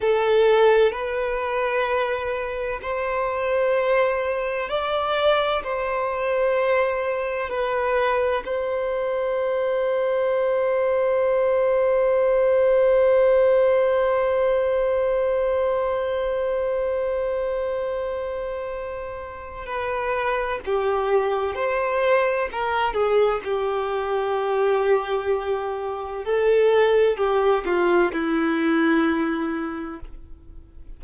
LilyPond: \new Staff \with { instrumentName = "violin" } { \time 4/4 \tempo 4 = 64 a'4 b'2 c''4~ | c''4 d''4 c''2 | b'4 c''2.~ | c''1~ |
c''1~ | c''4 b'4 g'4 c''4 | ais'8 gis'8 g'2. | a'4 g'8 f'8 e'2 | }